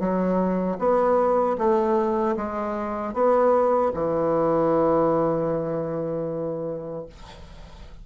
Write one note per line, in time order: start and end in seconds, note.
0.00 0.78 F#3
0.79 1.57 B3
1.58 2.36 A3
2.37 3.14 G#3
3.14 3.92 B3
3.95 7.06 E3